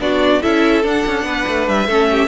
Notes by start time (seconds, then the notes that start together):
0.00 B3 D4 F#4 D5
0.43 C#4 E4 A4 E5
0.83 D4 F#5
1.07 C#4
1.24 B3 B4
1.48 A3
1.68 G3 E5
1.88 A3 C#4 A4
2.12 G4